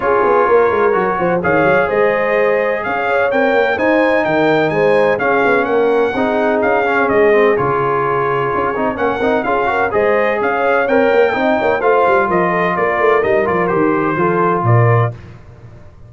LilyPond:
<<
  \new Staff \with { instrumentName = "trumpet" } { \time 4/4 \tempo 4 = 127 cis''2. f''4 | dis''2 f''4 g''4 | gis''4 g''4 gis''4 f''4 | fis''2 f''4 dis''4 |
cis''2. fis''4 | f''4 dis''4 f''4 g''4~ | g''4 f''4 dis''4 d''4 | dis''8 d''8 c''2 d''4 | }
  \new Staff \with { instrumentName = "horn" } { \time 4/4 gis'4 ais'4. c''8 cis''4 | c''2 cis''2 | c''4 ais'4 c''4 gis'4 | ais'4 gis'2.~ |
gis'2. ais'4 | gis'8 ais'8 c''4 cis''2 | dis''8 cis''8 c''4 ais'8 a'8 ais'4~ | ais'2 a'4 ais'4 | }
  \new Staff \with { instrumentName = "trombone" } { \time 4/4 f'2 fis'4 gis'4~ | gis'2. ais'4 | dis'2. cis'4~ | cis'4 dis'4. cis'4 c'8 |
f'2~ f'8 dis'8 cis'8 dis'8 | f'8 fis'8 gis'2 ais'4 | dis'4 f'2. | dis'8 f'8 g'4 f'2 | }
  \new Staff \with { instrumentName = "tuba" } { \time 4/4 cis'8 b8 ais8 gis8 fis8 f8 dis8 fis8 | gis2 cis'4 c'8 ais8 | dis'4 dis4 gis4 cis'8 b8 | ais4 c'4 cis'4 gis4 |
cis2 cis'8 c'8 ais8 c'8 | cis'4 gis4 cis'4 c'8 ais8 | c'8 ais8 a8 g8 f4 ais8 a8 | g8 f8 dis4 f4 ais,4 | }
>>